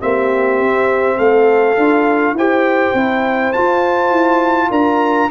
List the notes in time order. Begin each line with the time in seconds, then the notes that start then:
0.00 A#3 C4 G4 E5
0.60 C4
1.18 A3 A4 F5
1.77 D4 F4
2.33 E4 G4 C5 G5
2.94 C4 E4
3.53 F4 A5
4.11 E4
4.70 D4 A#4 A#5